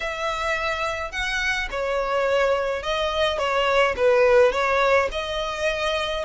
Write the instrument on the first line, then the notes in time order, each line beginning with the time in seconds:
violin
0.00 E5
1.11 F#5
1.70 C#5
2.83 D#5
3.38 C#5
3.96 B4
4.52 C#5
5.11 D#5